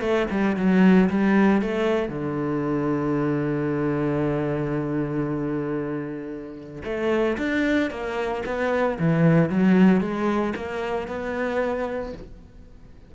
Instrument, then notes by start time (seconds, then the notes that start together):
cello
0.00 A3
0.30 G3
0.56 F#3
1.10 G3
1.61 A3
2.08 D3
6.84 A3
7.37 D4
7.90 A#3
8.45 B3
8.99 E3
9.49 F#3
10.01 G#3
10.55 A#3
11.07 B3